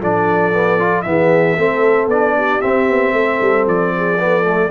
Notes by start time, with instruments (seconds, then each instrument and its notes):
0.00 tuba F3, trombone D4, horn A4, trumpet D5
0.53 trombone B3
0.80 trombone F4
1.02 tuba E3, trombone B3, trumpet E5
1.09 horn G#4
1.58 tuba A3, trombone C4, horn A4
2.07 tuba B3, trombone D4, trumpet D5
2.37 horn G4
2.62 trombone C4, tuba C4, trumpet E5
2.90 tuba B3
3.13 tuba A3, horn A4
3.41 tuba G3
3.67 tuba F3, trumpet D5
3.96 horn G#4
4.20 trombone B3, horn A4
4.44 trombone A3